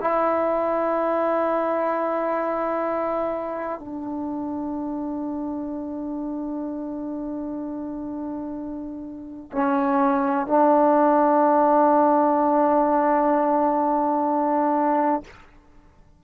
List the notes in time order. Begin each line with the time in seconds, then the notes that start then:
0.00 E4
3.80 D4
9.52 C#4
10.47 D4